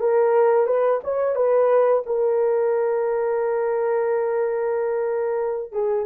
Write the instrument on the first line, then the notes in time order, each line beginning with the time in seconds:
horn
0.00 A#4
0.66 B4
1.04 C#5
1.35 B4
2.06 A#4
5.72 G#4